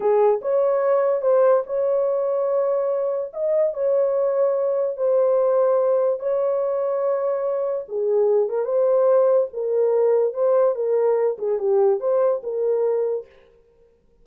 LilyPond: \new Staff \with { instrumentName = "horn" } { \time 4/4 \tempo 4 = 145 gis'4 cis''2 c''4 | cis''1 | dis''4 cis''2. | c''2. cis''4~ |
cis''2. gis'4~ | gis'8 ais'8 c''2 ais'4~ | ais'4 c''4 ais'4. gis'8 | g'4 c''4 ais'2 | }